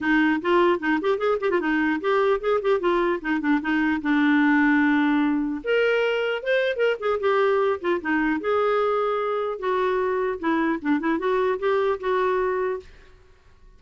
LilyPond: \new Staff \with { instrumentName = "clarinet" } { \time 4/4 \tempo 4 = 150 dis'4 f'4 dis'8 g'8 gis'8 g'16 f'16 | dis'4 g'4 gis'8 g'8 f'4 | dis'8 d'8 dis'4 d'2~ | d'2 ais'2 |
c''4 ais'8 gis'8 g'4. f'8 | dis'4 gis'2. | fis'2 e'4 d'8 e'8 | fis'4 g'4 fis'2 | }